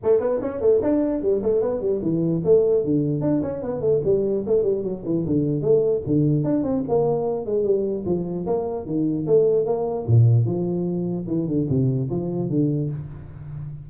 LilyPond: \new Staff \with { instrumentName = "tuba" } { \time 4/4 \tempo 4 = 149 a8 b8 cis'8 a8 d'4 g8 a8 | b8 g8 e4 a4 d4 | d'8 cis'8 b8 a8 g4 a8 g8 | fis8 e8 d4 a4 d4 |
d'8 c'8 ais4. gis8 g4 | f4 ais4 dis4 a4 | ais4 ais,4 f2 | e8 d8 c4 f4 d4 | }